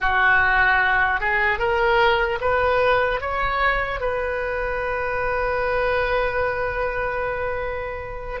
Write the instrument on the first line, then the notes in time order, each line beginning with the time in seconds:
oboe
0.00 F#4
1.20 G#4
1.58 A#4
2.40 B4
3.20 C#5
4.00 B4